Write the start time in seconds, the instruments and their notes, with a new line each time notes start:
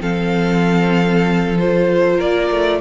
0.00 cello F3, viola C4, violin A4 F5
1.58 viola F4, violin C5
2.16 cello A#3, violin A#4 D5
2.50 cello A3